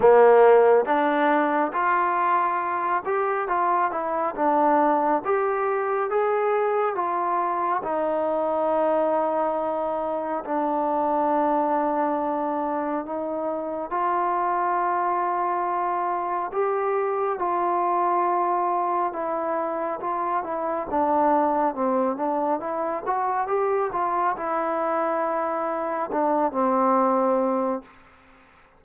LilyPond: \new Staff \with { instrumentName = "trombone" } { \time 4/4 \tempo 4 = 69 ais4 d'4 f'4. g'8 | f'8 e'8 d'4 g'4 gis'4 | f'4 dis'2. | d'2. dis'4 |
f'2. g'4 | f'2 e'4 f'8 e'8 | d'4 c'8 d'8 e'8 fis'8 g'8 f'8 | e'2 d'8 c'4. | }